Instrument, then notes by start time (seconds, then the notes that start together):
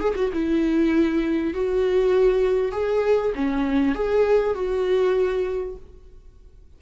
viola
0.00 G#4
0.16 F#4
0.33 E4
1.54 F#4
2.72 G#4
3.35 C#4
3.95 G#4
4.55 F#4